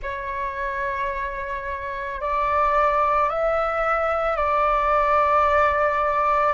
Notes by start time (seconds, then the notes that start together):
0.02 C#5
2.20 D5
3.29 E5
4.36 D5